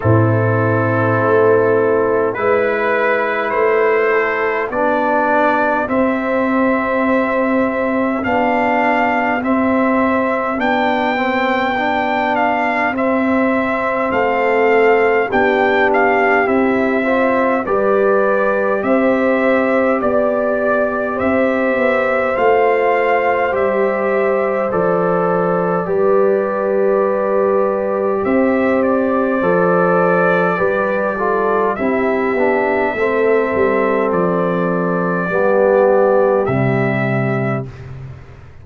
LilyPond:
<<
  \new Staff \with { instrumentName = "trumpet" } { \time 4/4 \tempo 4 = 51 a'2 b'4 c''4 | d''4 e''2 f''4 | e''4 g''4. f''8 e''4 | f''4 g''8 f''8 e''4 d''4 |
e''4 d''4 e''4 f''4 | e''4 d''2. | e''8 d''2~ d''8 e''4~ | e''4 d''2 e''4 | }
  \new Staff \with { instrumentName = "horn" } { \time 4/4 e'2 b'4. a'8 | g'1~ | g'1 | a'4 g'4. c''8 b'4 |
c''4 d''4 c''2~ | c''2 b'2 | c''2 b'8 a'8 g'4 | a'2 g'2 | }
  \new Staff \with { instrumentName = "trombone" } { \time 4/4 c'2 e'2 | d'4 c'2 d'4 | c'4 d'8 c'8 d'4 c'4~ | c'4 d'4 e'8 f'8 g'4~ |
g'2. f'4 | g'4 a'4 g'2~ | g'4 a'4 g'8 f'8 e'8 d'8 | c'2 b4 g4 | }
  \new Staff \with { instrumentName = "tuba" } { \time 4/4 a,4 a4 gis4 a4 | b4 c'2 b4 | c'4 b2 c'4 | a4 b4 c'4 g4 |
c'4 b4 c'8 b8 a4 | g4 f4 g2 | c'4 f4 g4 c'8 b8 | a8 g8 f4 g4 c4 | }
>>